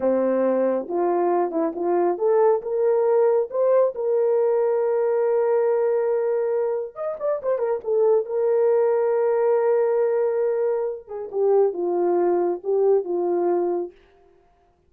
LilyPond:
\new Staff \with { instrumentName = "horn" } { \time 4/4 \tempo 4 = 138 c'2 f'4. e'8 | f'4 a'4 ais'2 | c''4 ais'2.~ | ais'1 |
dis''8 d''8 c''8 ais'8 a'4 ais'4~ | ais'1~ | ais'4. gis'8 g'4 f'4~ | f'4 g'4 f'2 | }